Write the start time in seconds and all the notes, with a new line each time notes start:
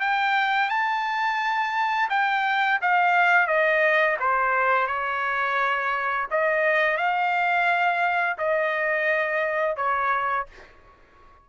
0.00 G5
0.69 A5
2.09 G5
2.81 F5
3.47 D#5
4.19 C5
4.87 C#5
6.30 D#5
6.97 F5
8.38 D#5
9.76 C#5